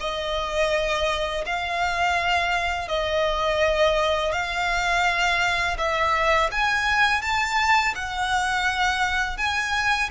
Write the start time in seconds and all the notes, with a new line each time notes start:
0.00 D#5
1.46 F5
2.88 D#5
4.32 F5
5.78 E5
6.51 G#5
7.22 A5
7.95 F#5
9.37 G#5